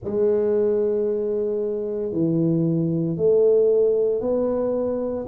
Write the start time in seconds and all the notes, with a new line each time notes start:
0.04 G#3
2.11 E3
3.16 A3
4.21 B3